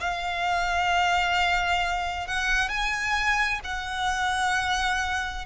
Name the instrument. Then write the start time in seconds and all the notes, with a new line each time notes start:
violin
0.00 F5
2.27 F#5
2.69 G#5
3.63 F#5